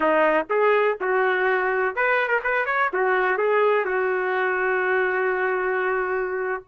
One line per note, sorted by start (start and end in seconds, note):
0.00 0.46 D#4
0.49 0.98 G#4
1.01 1.95 F#4
1.95 2.28 B4
2.28 2.40 A#4
2.43 2.65 B4
2.65 2.89 C#5
2.93 3.37 F#4
3.37 3.85 G#4
3.85 6.63 F#4